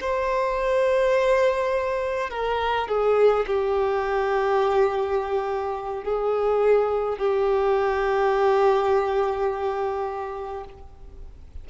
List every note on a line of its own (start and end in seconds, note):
0.00 2.30 C5
2.30 2.87 A#4
2.87 3.45 G#4
3.46 6.03 G4
6.03 7.17 G#4
7.17 10.64 G4